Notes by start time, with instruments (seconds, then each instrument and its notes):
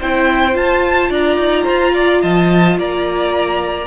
0.00 cello C4, viola E4, violin C5 G5
0.53 viola F4, cello F4, violin A5
1.10 cello D4, violin D5 A#5
1.38 cello D#4
1.64 cello F4, violin C5
1.94 violin D5
2.22 cello F3, violin D#5 A5
2.78 cello A#3, violin D5 A#5